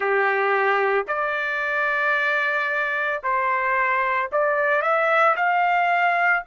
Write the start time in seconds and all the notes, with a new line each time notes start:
0.00 G4
1.07 D5
3.23 C5
4.31 D5
4.82 E5
5.36 F5